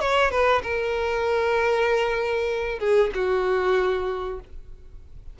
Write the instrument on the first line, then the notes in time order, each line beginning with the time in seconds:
violin
0.00 C#5
0.30 B4
0.62 A#4
2.79 G#4
3.14 F#4